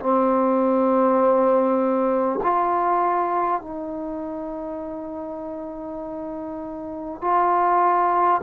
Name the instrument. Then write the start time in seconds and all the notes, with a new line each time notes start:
trombone
0.00 C4
2.43 F4
3.61 D#4
7.22 F4